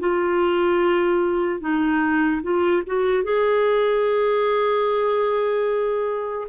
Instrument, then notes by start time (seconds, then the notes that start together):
clarinet
0.00 F4
1.61 D#4
2.43 F4
2.87 F#4
3.24 G#4